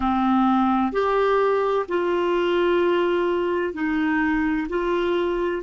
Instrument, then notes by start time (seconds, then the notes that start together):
clarinet
0.00 C4
0.92 G4
1.88 F4
3.73 D#4
4.68 F4